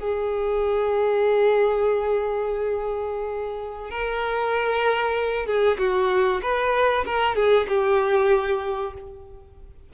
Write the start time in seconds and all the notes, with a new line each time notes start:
0.00 G#4
3.91 A#4
5.46 G#4
5.78 F#4
6.42 B4
7.05 A#4
7.35 G#4
7.68 G4